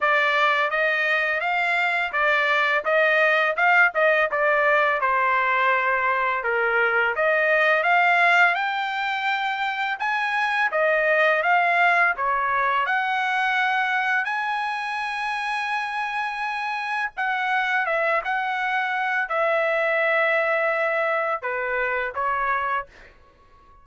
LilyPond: \new Staff \with { instrumentName = "trumpet" } { \time 4/4 \tempo 4 = 84 d''4 dis''4 f''4 d''4 | dis''4 f''8 dis''8 d''4 c''4~ | c''4 ais'4 dis''4 f''4 | g''2 gis''4 dis''4 |
f''4 cis''4 fis''2 | gis''1 | fis''4 e''8 fis''4. e''4~ | e''2 b'4 cis''4 | }